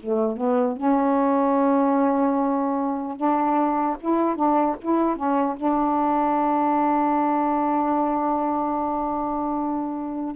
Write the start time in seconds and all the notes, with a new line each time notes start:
0.00 A3
0.37 B3
0.76 C#4
3.17 D4
4.00 E4
4.36 D4
4.81 E4
5.16 C#4
5.56 D4